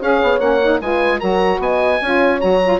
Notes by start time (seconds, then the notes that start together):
0.00 C#4 G#4 C#5 F5
0.22 B3
0.39 A#3 C#4 F#5
0.62 D#4
0.81 G#3 F4 B4 G#5
1.20 F#3 F#4 A#4 A#5
1.59 B3 D#5 G#5
2.02 C#4 F4 C#5
2.40 F#3 F#4 A#5
2.63 F4